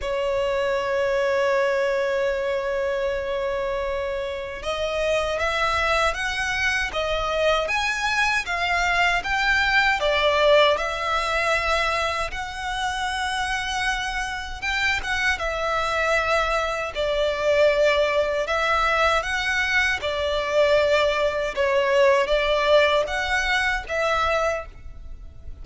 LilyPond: \new Staff \with { instrumentName = "violin" } { \time 4/4 \tempo 4 = 78 cis''1~ | cis''2 dis''4 e''4 | fis''4 dis''4 gis''4 f''4 | g''4 d''4 e''2 |
fis''2. g''8 fis''8 | e''2 d''2 | e''4 fis''4 d''2 | cis''4 d''4 fis''4 e''4 | }